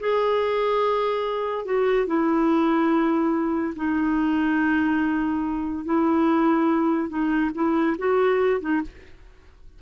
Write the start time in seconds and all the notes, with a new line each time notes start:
0.00 G#4
1.65 F#4
2.07 E4
3.76 D#4
5.85 E4
7.09 D#4
7.54 E4
7.98 F#4
8.61 D#4